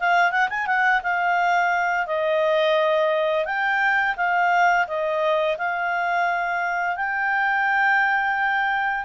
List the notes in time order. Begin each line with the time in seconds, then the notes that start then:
0.00 F5
0.32 F#5
0.50 G#5
0.67 F#5
1.03 F5
2.07 D#5
3.46 G5
4.17 F5
4.88 D#5
5.58 F5
6.96 G5